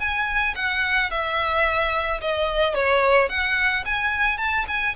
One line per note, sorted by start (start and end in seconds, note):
0.00 0.55 G#5
0.56 1.11 F#5
1.11 2.21 E5
2.21 2.75 D#5
2.75 3.29 C#5
3.29 3.84 F#5
3.86 4.38 G#5
4.38 4.65 A5
4.68 4.96 G#5